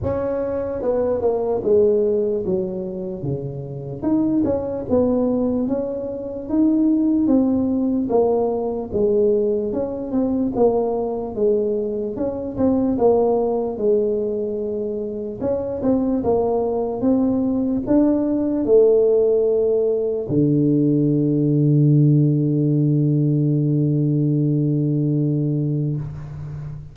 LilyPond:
\new Staff \with { instrumentName = "tuba" } { \time 4/4 \tempo 4 = 74 cis'4 b8 ais8 gis4 fis4 | cis4 dis'8 cis'8 b4 cis'4 | dis'4 c'4 ais4 gis4 | cis'8 c'8 ais4 gis4 cis'8 c'8 |
ais4 gis2 cis'8 c'8 | ais4 c'4 d'4 a4~ | a4 d2.~ | d1 | }